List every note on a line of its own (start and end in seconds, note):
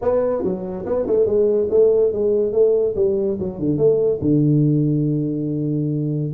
0.01 0.43 B3
0.43 0.85 F#3
0.85 1.06 B3
1.06 1.26 A3
1.26 1.68 G#3
1.70 2.12 A3
2.12 2.52 G#3
2.52 2.94 A3
2.95 3.38 G3
3.39 3.58 F#3
3.58 3.77 D3
3.77 4.19 A3
4.21 6.32 D3